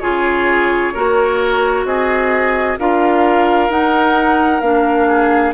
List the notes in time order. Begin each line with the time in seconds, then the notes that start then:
0.00 C#3 F4 G#4 C#5
0.93 A#3 F#4 A#4
1.84 C4 G#4 D#5
2.79 D4 F4 A#4 F5
3.69 D#4 F#5
4.60 A#3 D4 F5
5.08 G#4